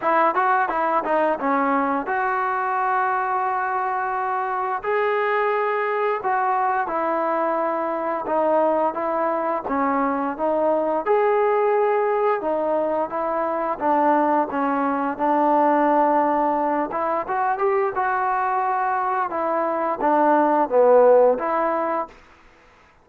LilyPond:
\new Staff \with { instrumentName = "trombone" } { \time 4/4 \tempo 4 = 87 e'8 fis'8 e'8 dis'8 cis'4 fis'4~ | fis'2. gis'4~ | gis'4 fis'4 e'2 | dis'4 e'4 cis'4 dis'4 |
gis'2 dis'4 e'4 | d'4 cis'4 d'2~ | d'8 e'8 fis'8 g'8 fis'2 | e'4 d'4 b4 e'4 | }